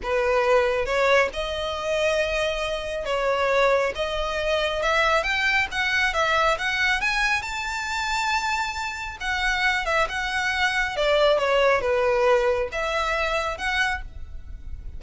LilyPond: \new Staff \with { instrumentName = "violin" } { \time 4/4 \tempo 4 = 137 b'2 cis''4 dis''4~ | dis''2. cis''4~ | cis''4 dis''2 e''4 | g''4 fis''4 e''4 fis''4 |
gis''4 a''2.~ | a''4 fis''4. e''8 fis''4~ | fis''4 d''4 cis''4 b'4~ | b'4 e''2 fis''4 | }